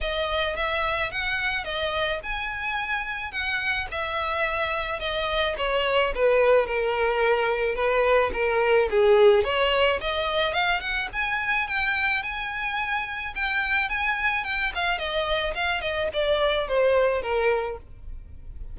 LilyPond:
\new Staff \with { instrumentName = "violin" } { \time 4/4 \tempo 4 = 108 dis''4 e''4 fis''4 dis''4 | gis''2 fis''4 e''4~ | e''4 dis''4 cis''4 b'4 | ais'2 b'4 ais'4 |
gis'4 cis''4 dis''4 f''8 fis''8 | gis''4 g''4 gis''2 | g''4 gis''4 g''8 f''8 dis''4 | f''8 dis''8 d''4 c''4 ais'4 | }